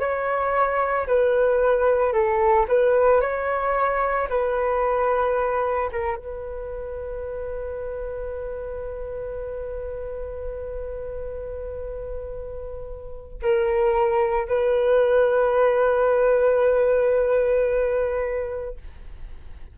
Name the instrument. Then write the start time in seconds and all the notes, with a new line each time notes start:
flute
0.00 C#5
1.08 B4
2.13 A4
2.69 B4
3.21 C#5
4.30 B4
5.93 A#4
6.17 B4
13.43 A#4
14.48 B4